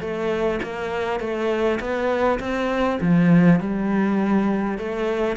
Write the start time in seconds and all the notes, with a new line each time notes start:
0.00 A3
0.63 A#3
1.20 A3
1.80 B3
2.40 C4
3.01 F3
3.60 G3
4.78 A3